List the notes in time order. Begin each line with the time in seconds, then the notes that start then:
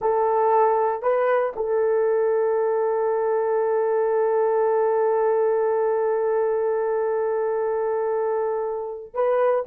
0.01 A4
1.02 B4
1.56 A4
9.14 B4